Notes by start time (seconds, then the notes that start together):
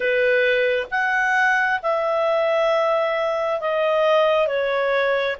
0.00 B4
0.90 F#5
1.82 E5
3.60 D#5
4.47 C#5